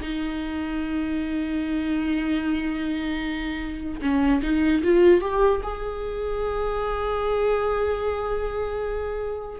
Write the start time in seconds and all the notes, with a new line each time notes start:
0.00 D#4
4.01 C#4
4.42 D#4
4.83 F4
5.21 G4
5.63 G#4